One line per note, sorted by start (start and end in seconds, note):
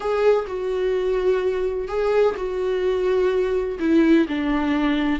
0.00 0.45 G#4
0.47 1.88 F#4
1.88 2.35 G#4
2.36 3.78 F#4
3.79 4.26 E4
4.28 5.19 D4